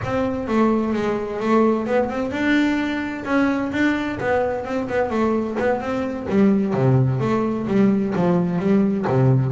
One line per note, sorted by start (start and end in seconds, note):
0.04 0.47 C4
0.47 0.93 A3
0.93 1.40 G#3
1.40 1.86 A3
1.86 2.09 B3
2.09 2.31 C4
2.31 3.24 D4
3.25 3.71 C#4
3.72 4.18 D4
4.19 4.64 B3
4.64 4.88 C4
4.88 5.10 B3
5.10 5.56 A3
5.59 5.80 B3
5.80 6.27 C4
6.29 6.73 G3
6.73 7.19 C3
7.19 7.66 A3
7.67 8.14 G3
8.15 8.58 F3
8.58 9.05 G3
9.07 9.51 C3